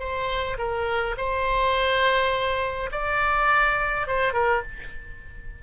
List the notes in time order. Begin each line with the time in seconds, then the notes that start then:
0.00 C5
0.58 A#4
1.17 C5
2.92 D5
4.08 C5
4.34 A#4